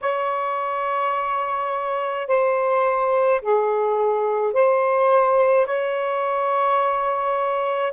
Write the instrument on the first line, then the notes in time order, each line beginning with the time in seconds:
saxophone
0.01 C#5
2.27 C5
3.41 G#4
4.53 C5
5.66 C#5